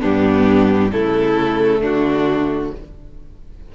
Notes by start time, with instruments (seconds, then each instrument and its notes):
0.00 cello G2, viola B3, violin D4 G4
0.92 cello C#3, viola A3, violin E4 A4
1.81 cello D3, violin D4 F#4